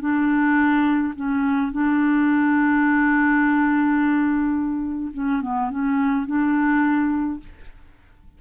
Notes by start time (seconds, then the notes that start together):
0.00 D4
1.15 C#4
1.72 D4
5.13 C#4
5.41 B3
5.70 C#4
6.26 D4